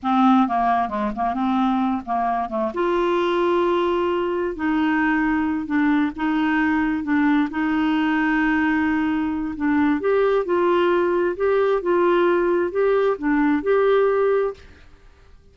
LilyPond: \new Staff \with { instrumentName = "clarinet" } { \time 4/4 \tempo 4 = 132 c'4 ais4 gis8 ais8 c'4~ | c'8 ais4 a8 f'2~ | f'2 dis'2~ | dis'8 d'4 dis'2 d'8~ |
d'8 dis'2.~ dis'8~ | dis'4 d'4 g'4 f'4~ | f'4 g'4 f'2 | g'4 d'4 g'2 | }